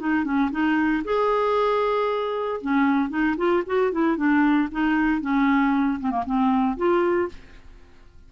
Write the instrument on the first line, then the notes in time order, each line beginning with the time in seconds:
clarinet
0.00 D#4
0.24 C#4
0.51 D#4
1.05 G#4
2.62 C#4
3.10 D#4
3.37 F4
3.67 F#4
3.92 E4
4.17 D4
4.72 D#4
5.22 C#4
6.01 C4
6.11 A#3
6.26 C4
6.77 F4